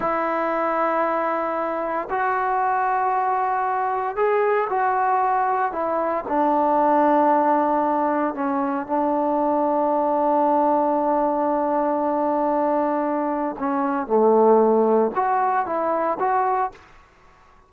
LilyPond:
\new Staff \with { instrumentName = "trombone" } { \time 4/4 \tempo 4 = 115 e'1 | fis'1 | gis'4 fis'2 e'4 | d'1 |
cis'4 d'2.~ | d'1~ | d'2 cis'4 a4~ | a4 fis'4 e'4 fis'4 | }